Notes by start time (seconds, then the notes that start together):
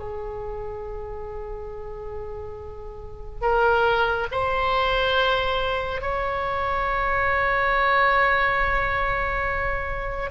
0.00 G#4
3.42 A#4
4.32 C5
6.02 C#5